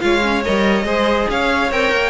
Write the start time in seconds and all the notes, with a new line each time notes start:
0.00 G#3 F4 C#5 F5
0.22 C#4
0.45 G3 A#4 D#5
0.84 G#3 G#4 C5
1.30 C#4 C#5 F5
1.72 C4 A#4 G5
1.92 A#3